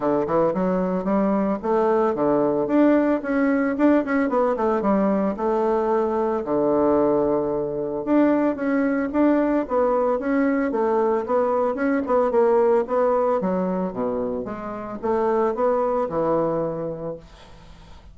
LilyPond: \new Staff \with { instrumentName = "bassoon" } { \time 4/4 \tempo 4 = 112 d8 e8 fis4 g4 a4 | d4 d'4 cis'4 d'8 cis'8 | b8 a8 g4 a2 | d2. d'4 |
cis'4 d'4 b4 cis'4 | a4 b4 cis'8 b8 ais4 | b4 fis4 b,4 gis4 | a4 b4 e2 | }